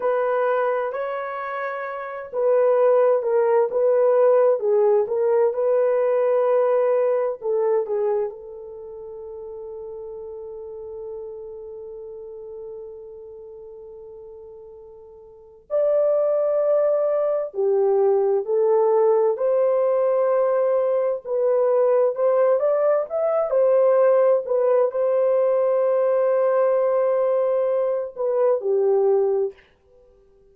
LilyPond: \new Staff \with { instrumentName = "horn" } { \time 4/4 \tempo 4 = 65 b'4 cis''4. b'4 ais'8 | b'4 gis'8 ais'8 b'2 | a'8 gis'8 a'2.~ | a'1~ |
a'4 d''2 g'4 | a'4 c''2 b'4 | c''8 d''8 e''8 c''4 b'8 c''4~ | c''2~ c''8 b'8 g'4 | }